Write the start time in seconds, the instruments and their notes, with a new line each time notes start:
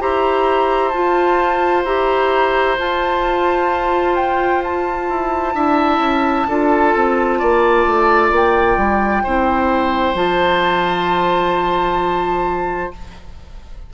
0.00 bassoon E4, clarinet G4, oboe C5, flute A#5
0.88 clarinet F4, bassoon F4, flute A5
1.84 bassoon E4, clarinet G4, flute A#5
2.78 clarinet F4, bassoon F4, flute A5
4.16 flute G5
4.63 flute A5
5.09 bassoon E4
5.54 bassoon D4, clarinet E4, oboe E5
5.98 bassoon C#4
6.48 bassoon D4, clarinet F4, oboe A4
6.95 bassoon C4
7.38 bassoon A#3, oboe D5
7.86 bassoon A3
8.31 bassoon A#3, flute G5
8.77 bassoon G3
9.23 bassoon C4, clarinet E4, oboe C5
10.14 bassoon F3, clarinet F4, flute A5